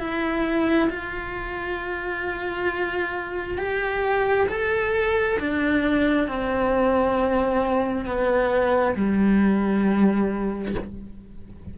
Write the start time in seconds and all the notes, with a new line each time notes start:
0.00 E4
0.90 F4
3.58 G4
4.49 A4
5.40 D4
6.28 C4
8.06 B3
8.96 G3